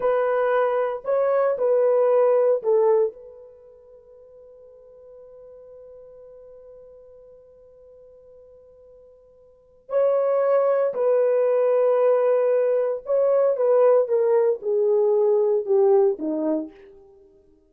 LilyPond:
\new Staff \with { instrumentName = "horn" } { \time 4/4 \tempo 4 = 115 b'2 cis''4 b'4~ | b'4 a'4 b'2~ | b'1~ | b'1~ |
b'2. cis''4~ | cis''4 b'2.~ | b'4 cis''4 b'4 ais'4 | gis'2 g'4 dis'4 | }